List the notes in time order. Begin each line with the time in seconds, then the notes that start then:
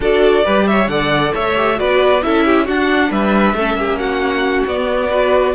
0.00 D4 F#4 A4 D5
0.44 G3 G4 B4
0.67 C#5 E5
0.87 D3 A4 D5 F#5
1.34 A3 C#5 E5
1.56 G4
1.75 B3 F#4 B4 D5
2.22 C#4 E4 A4 E5
2.45 G4
2.65 D4 F#4 F#5
3.10 G3 B4 E5
3.54 A3 C#4 A4
3.74 A#3 G4
3.98 F#4 F#5
4.67 B3 D5
5.10 F#4 B4